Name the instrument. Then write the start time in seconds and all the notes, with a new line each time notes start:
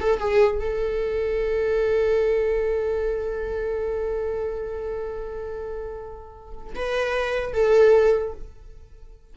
viola
0.00 A4
0.19 G#4
0.59 A4
6.75 B4
7.53 A4